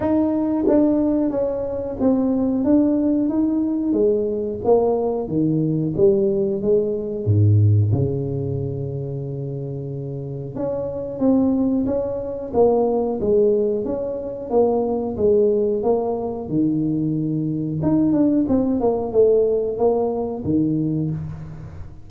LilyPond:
\new Staff \with { instrumentName = "tuba" } { \time 4/4 \tempo 4 = 91 dis'4 d'4 cis'4 c'4 | d'4 dis'4 gis4 ais4 | dis4 g4 gis4 gis,4 | cis1 |
cis'4 c'4 cis'4 ais4 | gis4 cis'4 ais4 gis4 | ais4 dis2 dis'8 d'8 | c'8 ais8 a4 ais4 dis4 | }